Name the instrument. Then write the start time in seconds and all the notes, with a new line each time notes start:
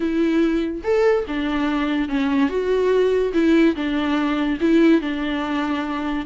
viola
0.00 E4
0.83 A4
1.27 D4
2.08 C#4
2.49 F#4
3.33 E4
3.75 D4
4.60 E4
5.01 D4